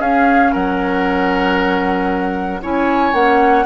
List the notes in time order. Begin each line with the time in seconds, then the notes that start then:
0.00 C#4 G#4 F5
0.53 F#3 A#4 F#5
2.62 C#4 E4 C#5 G#5
3.13 A#3 C#4 F#5